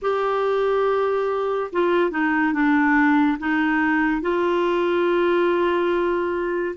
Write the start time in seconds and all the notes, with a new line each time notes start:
0.02 G4
1.72 F4
2.10 D#4
2.53 D4
3.39 D#4
4.21 F4